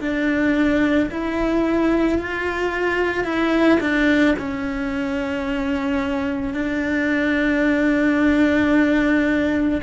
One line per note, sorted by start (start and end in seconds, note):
0.00 1.09 D4
1.10 2.18 E4
2.18 3.24 F4
3.24 3.78 E4
3.80 4.34 D4
4.38 6.54 C#4
6.54 9.81 D4